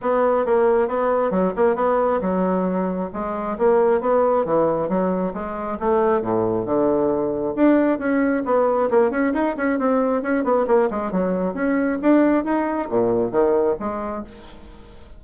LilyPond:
\new Staff \with { instrumentName = "bassoon" } { \time 4/4 \tempo 4 = 135 b4 ais4 b4 fis8 ais8 | b4 fis2 gis4 | ais4 b4 e4 fis4 | gis4 a4 a,4 d4~ |
d4 d'4 cis'4 b4 | ais8 cis'8 dis'8 cis'8 c'4 cis'8 b8 | ais8 gis8 fis4 cis'4 d'4 | dis'4 ais,4 dis4 gis4 | }